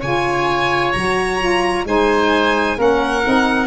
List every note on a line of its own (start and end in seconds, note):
0.00 0.95 C#3
0.00 0.94 F4
0.00 1.85 C#5
0.00 0.92 G#5
0.92 1.85 F#3
0.92 1.40 F#4
0.92 1.85 A#5
1.40 1.85 F4
1.85 2.77 G#3
1.85 2.77 D#4
1.85 2.78 C5
1.85 2.80 G#5
2.77 3.24 A#3
2.77 3.23 C#4
2.77 3.67 A#4
2.77 3.67 F#5
3.23 3.67 C4
3.23 3.67 D#4